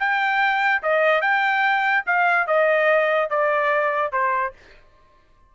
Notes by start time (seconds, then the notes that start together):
0.00 G5
0.83 D#5
1.22 G5
2.07 F5
2.48 D#5
3.30 D5
4.13 C5